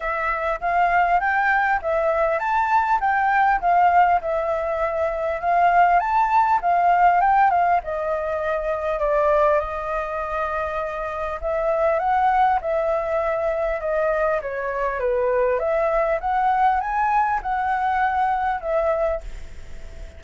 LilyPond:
\new Staff \with { instrumentName = "flute" } { \time 4/4 \tempo 4 = 100 e''4 f''4 g''4 e''4 | a''4 g''4 f''4 e''4~ | e''4 f''4 a''4 f''4 | g''8 f''8 dis''2 d''4 |
dis''2. e''4 | fis''4 e''2 dis''4 | cis''4 b'4 e''4 fis''4 | gis''4 fis''2 e''4 | }